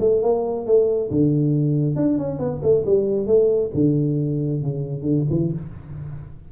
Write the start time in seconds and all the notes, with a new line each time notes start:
0.00 A3
0.22 A#3
0.66 A3
1.10 D3
1.96 D4
2.18 C#4
2.39 B3
2.63 A3
2.86 G3
3.26 A3
3.74 D3
4.62 C#3
5.02 D3
5.30 E3